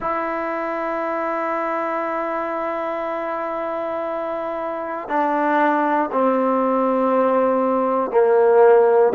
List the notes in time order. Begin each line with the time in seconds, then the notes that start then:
0.00 E4
5.08 D4
6.12 C4
8.11 A#3